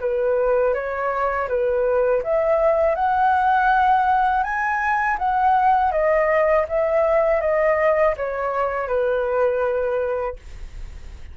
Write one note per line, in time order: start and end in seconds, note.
0.00 0.74 B4
0.74 1.48 C#5
1.48 2.23 B4
2.23 2.95 E5
2.95 4.43 F#5
4.43 5.17 G#5
5.18 5.92 F#5
5.92 6.66 D#5
6.68 7.41 E5
7.41 8.15 D#5
8.17 8.88 C#5
8.88 10.36 B4